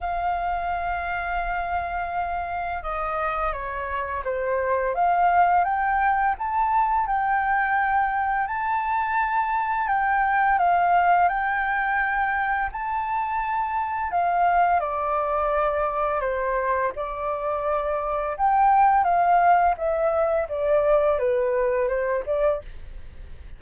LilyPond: \new Staff \with { instrumentName = "flute" } { \time 4/4 \tempo 4 = 85 f''1 | dis''4 cis''4 c''4 f''4 | g''4 a''4 g''2 | a''2 g''4 f''4 |
g''2 a''2 | f''4 d''2 c''4 | d''2 g''4 f''4 | e''4 d''4 b'4 c''8 d''8 | }